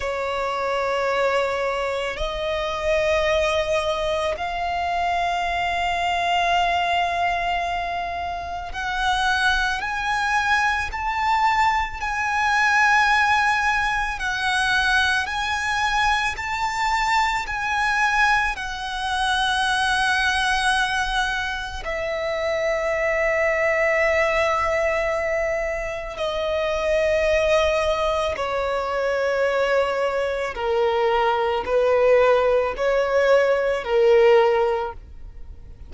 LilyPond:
\new Staff \with { instrumentName = "violin" } { \time 4/4 \tempo 4 = 55 cis''2 dis''2 | f''1 | fis''4 gis''4 a''4 gis''4~ | gis''4 fis''4 gis''4 a''4 |
gis''4 fis''2. | e''1 | dis''2 cis''2 | ais'4 b'4 cis''4 ais'4 | }